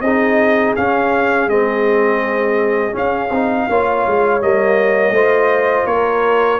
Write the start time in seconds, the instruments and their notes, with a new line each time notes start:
0.00 tuba C4, trombone D#4, horn G#4, trumpet D#5
0.76 trombone C#4, tuba C#4, trumpet F5
1.47 tuba G#3, trombone C4, trumpet D#5
2.91 trombone C#4, tuba C#4, trumpet F5
3.30 tuba C4, trombone D#4
3.68 tuba A#3, trombone F4, horn C#5
4.06 tuba G#3
4.41 tuba G3, trombone A#3, trumpet D#5
5.11 tuba A3, trombone F4, horn C5
5.86 tuba A#3, horn A#4, trumpet C#5